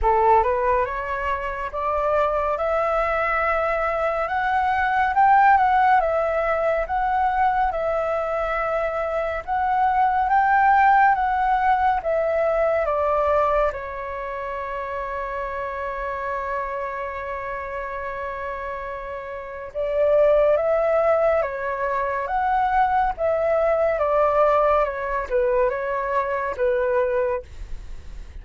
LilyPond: \new Staff \with { instrumentName = "flute" } { \time 4/4 \tempo 4 = 70 a'8 b'8 cis''4 d''4 e''4~ | e''4 fis''4 g''8 fis''8 e''4 | fis''4 e''2 fis''4 | g''4 fis''4 e''4 d''4 |
cis''1~ | cis''2. d''4 | e''4 cis''4 fis''4 e''4 | d''4 cis''8 b'8 cis''4 b'4 | }